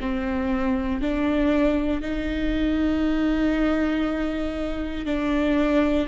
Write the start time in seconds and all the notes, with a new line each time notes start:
0.00 C4
1.01 D4
2.01 D#4
5.05 D4